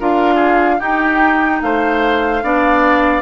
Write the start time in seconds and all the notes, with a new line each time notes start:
0.00 D4 F4 A#4 F5
0.35 G#4
0.79 D#4 G4 G5
1.62 A3 C5 F5
2.43 B3 D4 D5